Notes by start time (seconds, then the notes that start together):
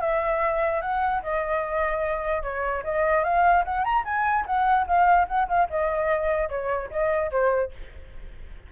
0.00 E5
0.81 F#5
1.22 D#5
2.42 C#5
2.83 D#5
3.23 F5
3.64 F#5
3.84 A#5
4.04 G#5
4.46 F#5
4.86 F5
5.27 F#5
5.48 F5
5.69 D#5
6.49 C#5
6.90 D#5
7.31 C5